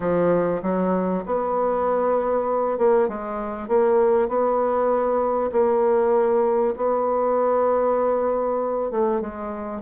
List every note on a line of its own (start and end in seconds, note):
0.00 0.61 F3
0.62 1.23 F#3
1.26 2.78 B3
2.78 3.08 A#3
3.08 3.67 G#3
3.67 4.28 A#3
4.28 5.50 B3
5.52 6.74 A#3
6.76 8.90 B3
8.90 9.21 A3
9.21 9.81 G#3